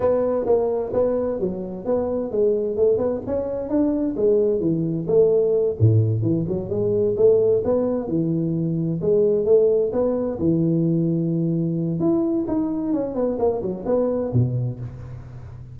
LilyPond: \new Staff \with { instrumentName = "tuba" } { \time 4/4 \tempo 4 = 130 b4 ais4 b4 fis4 | b4 gis4 a8 b8 cis'4 | d'4 gis4 e4 a4~ | a8 a,4 e8 fis8 gis4 a8~ |
a8 b4 e2 gis8~ | gis8 a4 b4 e4.~ | e2 e'4 dis'4 | cis'8 b8 ais8 fis8 b4 b,4 | }